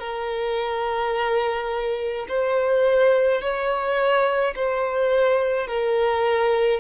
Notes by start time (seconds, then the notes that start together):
0.00 A#4
2.29 C5
3.42 C#5
4.56 C5
5.68 A#4